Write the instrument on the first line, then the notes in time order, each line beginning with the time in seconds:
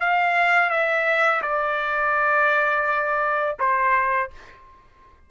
trumpet
0.00 F5
0.70 E5
1.42 D5
3.59 C5